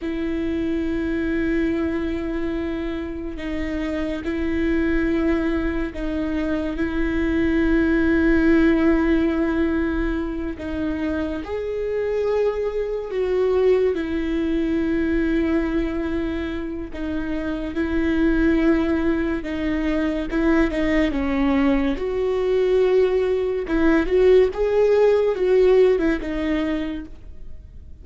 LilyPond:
\new Staff \with { instrumentName = "viola" } { \time 4/4 \tempo 4 = 71 e'1 | dis'4 e'2 dis'4 | e'1~ | e'8 dis'4 gis'2 fis'8~ |
fis'8 e'2.~ e'8 | dis'4 e'2 dis'4 | e'8 dis'8 cis'4 fis'2 | e'8 fis'8 gis'4 fis'8. e'16 dis'4 | }